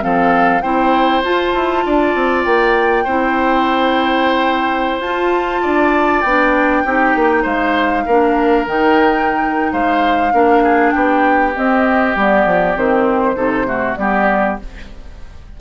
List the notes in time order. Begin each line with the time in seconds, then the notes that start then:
0.00 F3 C4 A4 F5
0.61 C4 E4 C5 G5
1.23 F4 A5
1.54 E4
1.85 D4 D5
2.14 C4
2.43 A#3 G5
3.04 C4 E4 C5
4.99 F4 A5
5.62 D4 D5
6.21 B3 D4 G5
6.84 C4 D#4 G4
7.15 A#3
7.42 G#3 C5 F5
8.06 A#3 D4 A#4
8.67 D#3 D#4 G5
9.72 G#3 C5 F5
10.32 A#3 D4 A#4
10.63 G#4
10.90 B3 G4 G5
11.55 C4 D#5
12.15 G3 B3 D5
12.45 F3
12.75 D#3 C4 C5
13.35 C3 D#4 A4
13.66 A3 F#4
13.95 G3 B3 G4 D5